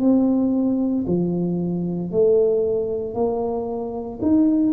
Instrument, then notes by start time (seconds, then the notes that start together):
tuba
0.00 C4
1.08 F3
2.11 A3
3.14 A#3
4.22 D#4